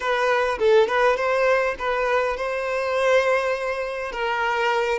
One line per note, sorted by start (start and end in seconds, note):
0.00 0.58 B4
0.58 0.87 A4
0.87 1.16 B4
1.16 1.75 C5
1.78 2.36 B4
2.36 4.11 C5
4.11 4.98 A#4